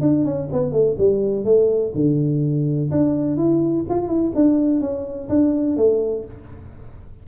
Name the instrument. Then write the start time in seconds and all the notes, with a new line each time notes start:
tuba
0.00 D4
0.24 C#4
0.52 B3
0.72 A3
0.98 G3
1.44 A3
1.94 D3
2.91 D4
3.37 E4
3.89 F4
4.07 E4
4.34 D4
4.80 C#4
5.29 D4
5.76 A3